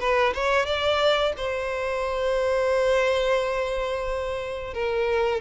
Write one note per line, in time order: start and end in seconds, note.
0.00 0.34 B4
0.34 0.66 C#5
0.66 1.33 D5
1.37 4.74 C5
4.74 5.41 A#4